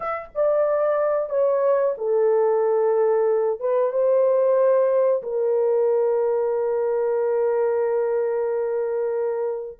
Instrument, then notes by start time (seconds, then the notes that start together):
horn
0.00 E5
0.34 D5
1.29 C#5
1.97 A4
3.60 B4
3.91 C5
5.22 A#4